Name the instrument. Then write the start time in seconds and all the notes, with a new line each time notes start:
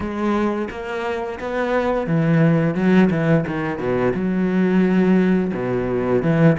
cello
0.00 G#3
0.70 A#3
1.39 B3
2.06 E3
2.75 F#3
3.10 E3
3.46 D#3
3.78 B2
4.14 F#3
5.53 B2
6.22 E3